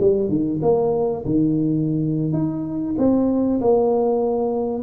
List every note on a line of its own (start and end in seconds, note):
0.00 0.29 G3
0.29 0.60 D#3
0.62 1.24 A#3
1.25 2.33 D#3
2.33 2.95 D#4
2.98 3.60 C4
3.61 4.83 A#3